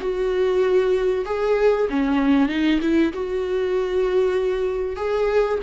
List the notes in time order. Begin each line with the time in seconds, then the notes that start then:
0.00 F#4
1.26 G#4
1.90 C#4
2.49 D#4
2.82 E4
3.13 F#4
4.97 G#4